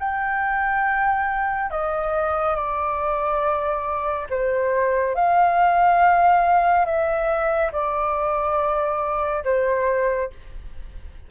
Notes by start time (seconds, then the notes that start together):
0.00 G5
1.71 D#5
2.56 D5
4.30 C5
5.15 F5
6.86 E5
7.73 D5
9.45 C5